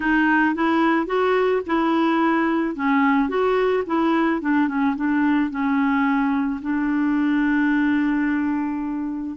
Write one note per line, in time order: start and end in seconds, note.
0.00 0.54 D#4
0.55 1.06 E4
1.06 1.61 F#4
1.66 2.75 E4
2.75 3.28 C#4
3.28 3.83 F#4
3.86 4.41 E4
4.41 4.68 D4
4.68 4.95 C#4
4.96 5.50 D4
5.50 6.60 C#4
6.61 9.36 D4